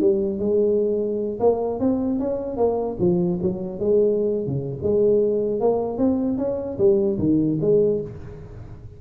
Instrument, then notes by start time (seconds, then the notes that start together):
tuba
0.00 G3
0.39 G#3
1.40 A#3
1.80 C4
2.19 C#4
2.57 A#3
2.99 F3
3.42 F#3
3.79 G#3
4.47 C#3
4.82 G#3
5.60 A#3
5.98 C4
6.38 C#4
6.78 G3
7.19 D#3
7.61 G#3